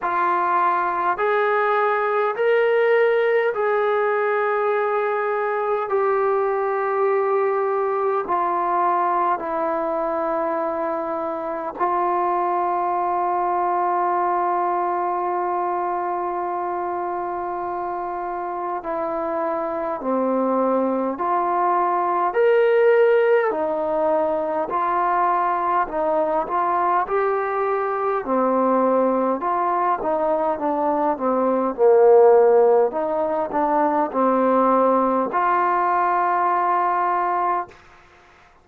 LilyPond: \new Staff \with { instrumentName = "trombone" } { \time 4/4 \tempo 4 = 51 f'4 gis'4 ais'4 gis'4~ | gis'4 g'2 f'4 | e'2 f'2~ | f'1 |
e'4 c'4 f'4 ais'4 | dis'4 f'4 dis'8 f'8 g'4 | c'4 f'8 dis'8 d'8 c'8 ais4 | dis'8 d'8 c'4 f'2 | }